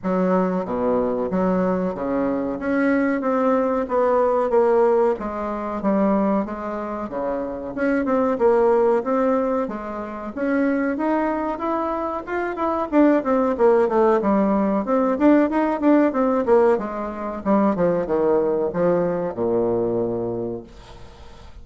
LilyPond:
\new Staff \with { instrumentName = "bassoon" } { \time 4/4 \tempo 4 = 93 fis4 b,4 fis4 cis4 | cis'4 c'4 b4 ais4 | gis4 g4 gis4 cis4 | cis'8 c'8 ais4 c'4 gis4 |
cis'4 dis'4 e'4 f'8 e'8 | d'8 c'8 ais8 a8 g4 c'8 d'8 | dis'8 d'8 c'8 ais8 gis4 g8 f8 | dis4 f4 ais,2 | }